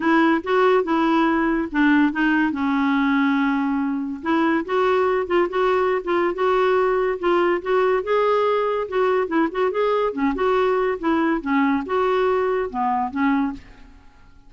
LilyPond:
\new Staff \with { instrumentName = "clarinet" } { \time 4/4 \tempo 4 = 142 e'4 fis'4 e'2 | d'4 dis'4 cis'2~ | cis'2 e'4 fis'4~ | fis'8 f'8 fis'4~ fis'16 f'8. fis'4~ |
fis'4 f'4 fis'4 gis'4~ | gis'4 fis'4 e'8 fis'8 gis'4 | cis'8 fis'4. e'4 cis'4 | fis'2 b4 cis'4 | }